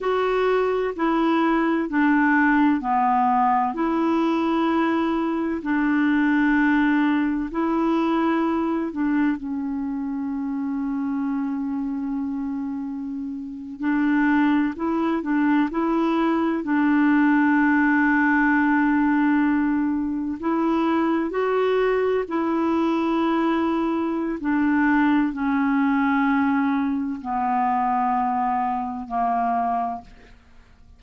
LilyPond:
\new Staff \with { instrumentName = "clarinet" } { \time 4/4 \tempo 4 = 64 fis'4 e'4 d'4 b4 | e'2 d'2 | e'4. d'8 cis'2~ | cis'2~ cis'8. d'4 e'16~ |
e'16 d'8 e'4 d'2~ d'16~ | d'4.~ d'16 e'4 fis'4 e'16~ | e'2 d'4 cis'4~ | cis'4 b2 ais4 | }